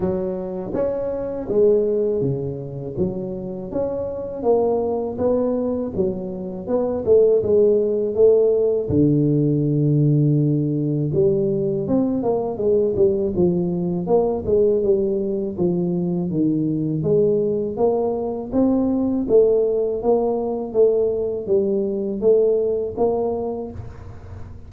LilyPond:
\new Staff \with { instrumentName = "tuba" } { \time 4/4 \tempo 4 = 81 fis4 cis'4 gis4 cis4 | fis4 cis'4 ais4 b4 | fis4 b8 a8 gis4 a4 | d2. g4 |
c'8 ais8 gis8 g8 f4 ais8 gis8 | g4 f4 dis4 gis4 | ais4 c'4 a4 ais4 | a4 g4 a4 ais4 | }